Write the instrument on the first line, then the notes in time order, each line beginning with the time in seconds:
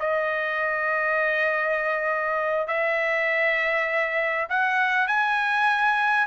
trumpet
0.00 D#5
2.68 E5
4.49 F#5
5.08 G#5